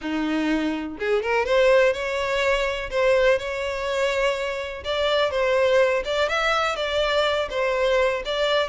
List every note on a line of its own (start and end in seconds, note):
0.01 0.97 D#4
0.99 1.22 G#4
1.22 1.45 A#4
1.45 1.93 C5
1.93 2.90 C#5
2.90 3.38 C5
3.38 4.83 C#5
4.84 5.30 D5
5.30 6.03 C5
6.04 6.28 D5
6.28 6.76 E5
6.76 7.48 D5
7.50 8.22 C5
8.25 8.68 D5